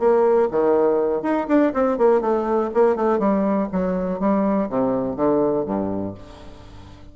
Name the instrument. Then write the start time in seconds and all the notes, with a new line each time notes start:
bassoon
0.00 A#3
0.52 D#3
1.23 D#4
1.48 D4
1.74 C4
1.98 A#3
2.22 A3
2.75 A#3
2.96 A3
3.20 G3
3.72 F#3
4.20 G3
4.70 C3
5.17 D3
5.66 G2